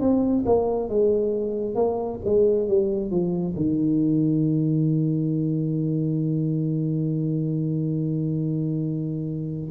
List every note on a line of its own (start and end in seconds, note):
0.00 0.44 C4
0.46 0.89 A#3
0.89 1.75 G#3
1.75 2.19 A#3
2.25 2.68 G#3
2.68 3.10 G3
3.10 3.55 F3
3.55 9.71 D#3